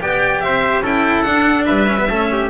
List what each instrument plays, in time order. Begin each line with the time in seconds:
0.00 double bass B3, cello G4, trumpet D5, violin G5
0.41 double bass C4, trumpet C5, violin E5
0.81 double bass C#4, cello E4, trumpet A4, violin G5
1.22 cello D4, double bass D4, violin F#5
1.66 double bass G3, trumpet B4, violin E5
1.88 cello C#4
1.99 cello B3
2.09 double bass A3, cello C#4, trumpet A4
2.32 trumpet G4